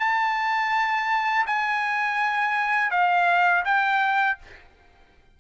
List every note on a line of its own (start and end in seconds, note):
0.00 1.46 A5
1.47 2.91 G#5
2.91 3.65 F5
3.65 4.38 G5